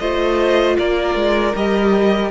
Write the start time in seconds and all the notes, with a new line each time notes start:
0.00 A3 F4 C5 D#5
0.78 A#3 A#4 D5
1.15 G#3
1.56 G3 G4 D#5